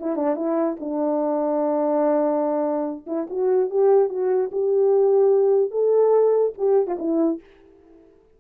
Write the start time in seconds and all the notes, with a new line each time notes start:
0.00 E4
0.16 D4
0.36 E4
0.80 D4
3.07 E4
3.30 F#4
3.70 G4
4.09 F#4
4.52 G4
5.71 A4
6.58 G4
6.87 F4
6.99 E4